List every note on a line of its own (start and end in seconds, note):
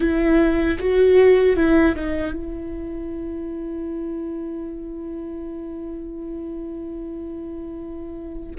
0.00 0.78 E4
0.79 1.56 F#4
1.56 1.95 E4
1.95 2.33 D#4
2.33 8.56 E4